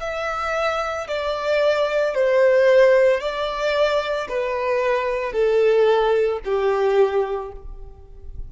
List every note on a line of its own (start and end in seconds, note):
0.00 1.07 E5
1.08 2.14 D5
2.14 3.20 C5
3.20 4.28 D5
4.29 5.32 B4
5.32 6.39 A4
6.45 7.52 G4